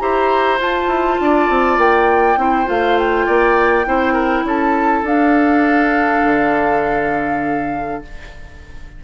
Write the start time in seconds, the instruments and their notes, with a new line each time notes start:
0.00 bassoon E4, clarinet G4, oboe C5, flute A#5
0.60 clarinet F4, bassoon F4, flute A5
0.88 bassoon E4
1.21 bassoon D4, oboe D5
1.50 bassoon C4
1.78 bassoon A#3, flute G5
2.37 bassoon C4, clarinet E4, oboe C5
2.66 bassoon A3, clarinet F4, flute F5
2.99 flute G5
3.27 bassoon A#3, oboe D5
3.86 bassoon C4, clarinet E4, oboe C5
4.13 oboe A#4
4.44 bassoon C#4, oboe A4, flute A5
5.03 bassoon D4, clarinet D4, flute F5
6.25 bassoon D3